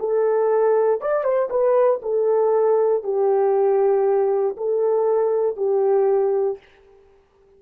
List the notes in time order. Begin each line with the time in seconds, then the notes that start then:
0.00 A4
1.01 D5
1.24 C5
1.50 B4
2.03 A4
3.04 G4
4.57 A4
5.57 G4